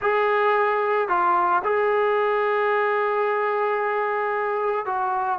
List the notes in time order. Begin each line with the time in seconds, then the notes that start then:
0.01 G#4
1.08 F4
1.64 G#4
4.85 F#4